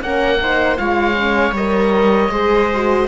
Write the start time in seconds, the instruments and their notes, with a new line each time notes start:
0.00 cello A#3, horn C#4, viola A#4, oboe F#5
0.41 horn D#4, viola C5
0.76 cello G#3, horn F4, viola C#5, oboe F5
1.15 horn C#4
1.51 cello G3, horn A#4, oboe D#5
2.29 cello G#3, horn G#4, viola C5
2.73 horn F#4